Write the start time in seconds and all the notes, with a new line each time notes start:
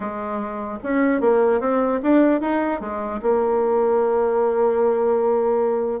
0.00 G#3
0.83 C#4
1.21 A#3
1.60 C4
2.02 D4
2.41 D#4
2.80 G#3
3.22 A#3